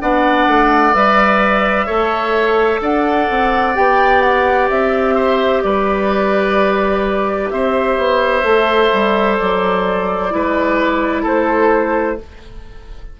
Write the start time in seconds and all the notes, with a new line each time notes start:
0.00 B3 D4 D5 F#5
0.47 A3
0.93 G3 B4 E5
1.86 A3 A4 C#5
2.80 D4 D5 F#5
3.30 C4
3.74 B3 G4 G5
4.21 F#5
4.69 C4 E5
5.15 C5
5.62 G3 B4 D5
7.50 C4 C5 E5
7.97 B3
8.43 A3 A4
8.93 G3
9.38 F#3 D5
10.30 G#3 E4 B4
11.22 A3 A4 C5